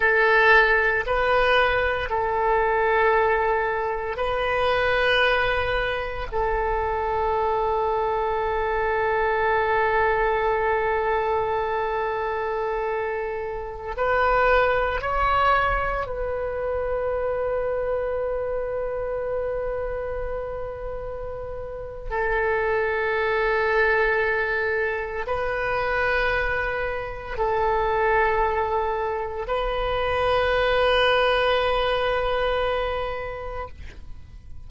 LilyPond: \new Staff \with { instrumentName = "oboe" } { \time 4/4 \tempo 4 = 57 a'4 b'4 a'2 | b'2 a'2~ | a'1~ | a'4~ a'16 b'4 cis''4 b'8.~ |
b'1~ | b'4 a'2. | b'2 a'2 | b'1 | }